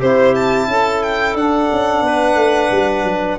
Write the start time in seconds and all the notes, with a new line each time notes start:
0.00 C4 E4 G4 C5
0.36 A5
0.68 C#4 A4
1.03 G5
1.35 D4 F#5
1.72 C#4
2.02 B3 B4
2.36 A3
2.72 G3
3.04 F#3